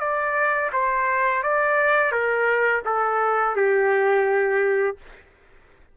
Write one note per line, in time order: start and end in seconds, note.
0.00 0.71 D5
0.73 1.43 C5
1.43 2.12 D5
2.12 2.83 A#4
2.85 3.56 A4
3.56 4.97 G4